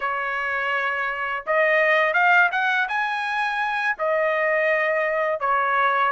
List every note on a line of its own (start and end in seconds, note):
0.00 1.45 C#5
1.46 2.13 D#5
2.13 2.49 F5
2.51 2.88 F#5
2.88 3.97 G#5
3.98 5.40 D#5
5.40 6.12 C#5